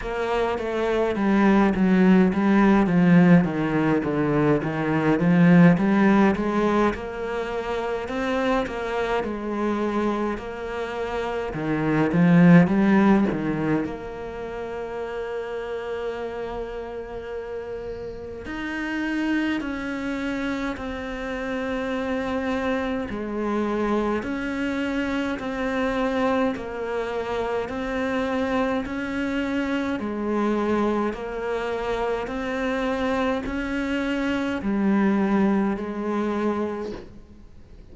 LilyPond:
\new Staff \with { instrumentName = "cello" } { \time 4/4 \tempo 4 = 52 ais8 a8 g8 fis8 g8 f8 dis8 d8 | dis8 f8 g8 gis8 ais4 c'8 ais8 | gis4 ais4 dis8 f8 g8 dis8 | ais1 |
dis'4 cis'4 c'2 | gis4 cis'4 c'4 ais4 | c'4 cis'4 gis4 ais4 | c'4 cis'4 g4 gis4 | }